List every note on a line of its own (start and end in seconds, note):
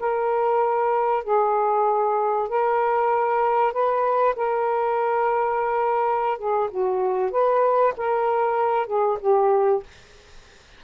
0.00 1.24 A#4
1.24 2.49 G#4
2.49 3.73 A#4
3.73 4.35 B4
4.36 6.38 A#4
6.38 6.70 G#4
6.71 7.31 F#4
7.31 7.94 B4
7.97 8.87 A#4
8.87 9.18 G#4
9.21 9.83 G4